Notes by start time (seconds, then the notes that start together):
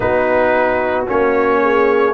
0.00 B3 D#4 F#4 B4
1.07 A#3 C#4 C#5
1.62 G#4